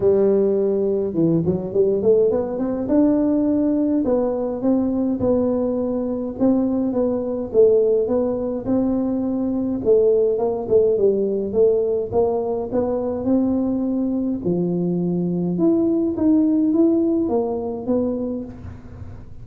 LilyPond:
\new Staff \with { instrumentName = "tuba" } { \time 4/4 \tempo 4 = 104 g2 e8 fis8 g8 a8 | b8 c'8 d'2 b4 | c'4 b2 c'4 | b4 a4 b4 c'4~ |
c'4 a4 ais8 a8 g4 | a4 ais4 b4 c'4~ | c'4 f2 e'4 | dis'4 e'4 ais4 b4 | }